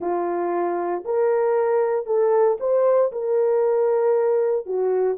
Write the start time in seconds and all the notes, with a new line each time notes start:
0.00 F4
1.04 A#4
2.05 A4
2.60 C5
3.12 A#4
4.66 F#4